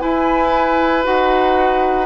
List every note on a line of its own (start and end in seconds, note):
0.00 1.04 E4
0.00 1.07 E4
0.00 2.06 B4
0.00 1.03 G#5
1.04 2.06 D#4
1.04 2.06 F#4
1.04 2.06 F#5